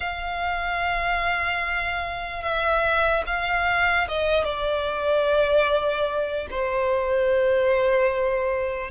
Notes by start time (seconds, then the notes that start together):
0.00 F5
2.42 E5
3.26 F5
4.08 D#5
4.44 D5
6.50 C5